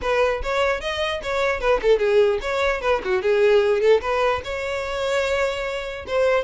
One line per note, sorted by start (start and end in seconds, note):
0.01 0.42 B4
0.42 0.80 C#5
0.80 1.20 D#5
1.23 1.60 C#5
1.60 1.80 B4
1.82 1.99 A4
1.99 2.39 G#4
2.41 2.81 C#5
2.81 3.01 B4
3.04 3.22 F#4
3.22 3.81 G#4
3.81 4.01 A4
4.01 4.41 B4
4.44 6.05 C#5
6.07 6.44 C5